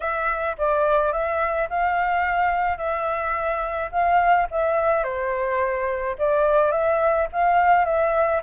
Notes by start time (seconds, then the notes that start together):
0.00 E5
0.58 D5
1.12 E5
1.69 F5
2.77 E5
3.91 F5
4.50 E5
5.03 C5
6.18 D5
6.71 E5
7.32 F5
7.85 E5